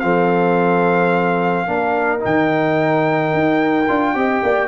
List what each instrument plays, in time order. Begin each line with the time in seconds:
0.00 tuba F3, trombone C4, horn A4, trumpet F5
1.67 tuba A#3, trombone D4, horn A#4
2.20 tuba D#3, trombone D#4, trumpet G5
3.34 tuba D#4
3.88 tuba D4, trombone F4
4.15 tuba C4, trombone G4, horn D#5
4.43 tuba A#3, horn D5